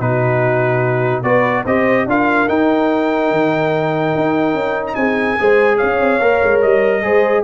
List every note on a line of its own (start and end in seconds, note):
0.00 1.23 B2
0.00 1.24 D#4
0.00 1.24 F#4
0.00 1.23 B4
1.23 1.65 B3
1.23 1.65 F#4
1.23 1.65 B4
1.23 1.64 D5
1.65 2.06 C4
1.65 2.09 G4
1.65 2.07 C5
1.65 2.08 D#5
2.06 2.47 D4
2.06 2.49 F4
2.06 4.99 A#4
2.06 2.49 F5
2.49 3.31 D#4
2.49 5.38 D#4
2.49 4.87 G5
3.31 4.14 D#3
4.15 4.54 D#4
4.54 4.96 C#4
4.87 4.95 A#5
4.95 5.38 C4
4.95 5.40 G#4
4.95 5.78 G#5
5.39 5.82 G#3
5.39 6.21 G#4
5.39 5.77 C5
5.77 6.00 C#4
5.77 7.01 C#5
5.77 6.61 F5
6.00 6.20 C4
6.20 6.41 A#3
6.20 7.03 A#4
6.43 6.64 G#3
6.62 7.03 G3
6.62 7.44 D#5
7.03 7.44 G#3
7.03 7.44 G#4
7.03 7.44 C5